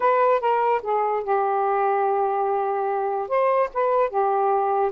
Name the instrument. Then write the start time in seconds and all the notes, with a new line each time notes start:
saxophone
0.00 B4
0.40 A#4
0.82 G#4
1.23 G4
3.28 C5
3.73 B4
4.09 G4